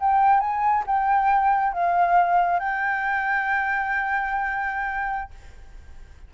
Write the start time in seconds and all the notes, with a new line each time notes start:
0.00 G5
0.41 G#5
0.87 G5
1.73 F5
2.59 G5